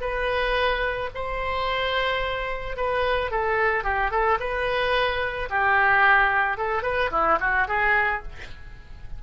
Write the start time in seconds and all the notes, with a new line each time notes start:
0.00 B4
1.14 C5
2.76 B4
3.30 A4
3.83 G4
4.10 A4
4.39 B4
5.49 G4
6.57 A4
6.82 B4
7.11 E4
7.40 F#4
7.67 G#4